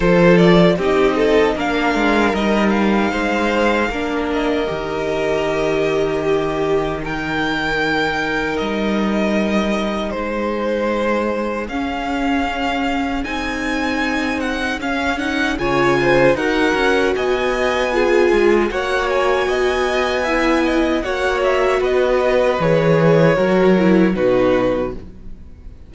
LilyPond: <<
  \new Staff \with { instrumentName = "violin" } { \time 4/4 \tempo 4 = 77 c''8 d''8 dis''4 f''4 dis''8 f''8~ | f''4. dis''2~ dis''8~ | dis''4 g''2 dis''4~ | dis''4 c''2 f''4~ |
f''4 gis''4. fis''8 f''8 fis''8 | gis''4 fis''4 gis''2 | fis''8 gis''2~ gis''8 fis''8 e''8 | dis''4 cis''2 b'4 | }
  \new Staff \with { instrumentName = "violin" } { \time 4/4 a'4 g'8 a'8 ais'2 | c''4 ais'2. | g'4 ais'2.~ | ais'4 gis'2.~ |
gis'1 | cis''8 c''8 ais'4 dis''4 gis'4 | cis''4 dis''4 e''8 dis''8 cis''4 | b'2 ais'4 fis'4 | }
  \new Staff \with { instrumentName = "viola" } { \time 4/4 f'4 dis'4 d'4 dis'4~ | dis'4 d'4 g'2~ | g'4 dis'2.~ | dis'2. cis'4~ |
cis'4 dis'2 cis'8 dis'8 | f'4 fis'2 f'4 | fis'2 e'4 fis'4~ | fis'4 gis'4 fis'8 e'8 dis'4 | }
  \new Staff \with { instrumentName = "cello" } { \time 4/4 f4 c'4 ais8 gis8 g4 | gis4 ais4 dis2~ | dis2. g4~ | g4 gis2 cis'4~ |
cis'4 c'2 cis'4 | cis4 dis'8 cis'8 b4. gis8 | ais4 b2 ais4 | b4 e4 fis4 b,4 | }
>>